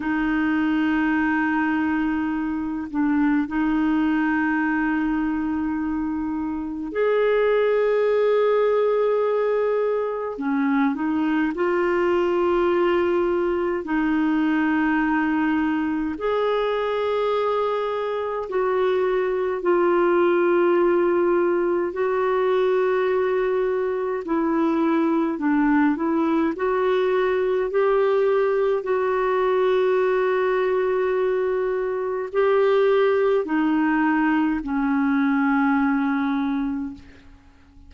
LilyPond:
\new Staff \with { instrumentName = "clarinet" } { \time 4/4 \tempo 4 = 52 dis'2~ dis'8 d'8 dis'4~ | dis'2 gis'2~ | gis'4 cis'8 dis'8 f'2 | dis'2 gis'2 |
fis'4 f'2 fis'4~ | fis'4 e'4 d'8 e'8 fis'4 | g'4 fis'2. | g'4 dis'4 cis'2 | }